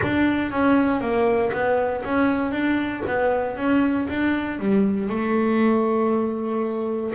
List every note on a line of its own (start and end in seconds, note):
0.02 0.51 D4
0.51 1.00 C#4
1.00 1.51 A#3
1.52 2.03 B3
2.04 2.51 C#4
2.51 3.02 D4
3.06 3.56 B3
3.56 4.07 C#4
4.08 4.59 D4
4.59 5.09 G3
5.09 7.12 A3